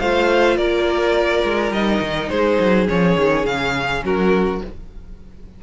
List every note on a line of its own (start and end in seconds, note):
0.00 0.57 A3
0.00 1.75 F4
0.00 0.57 C5
0.00 0.57 F5
0.57 1.43 A#3
0.57 2.30 A#4
0.57 1.73 D5
1.43 1.71 G#3
1.71 2.00 G3
1.71 2.87 D#4
1.71 2.30 D#5
2.01 2.30 D#3
2.30 2.59 G#3
2.30 4.04 G#4
2.30 2.87 C5
2.60 2.89 F#3
2.87 3.17 F3
2.87 4.61 C#4
2.87 3.46 C#5
3.17 3.46 D#3
3.46 4.03 C#3
3.46 4.03 F5
4.03 4.61 F#3
4.03 4.61 F#4
4.03 4.63 A#4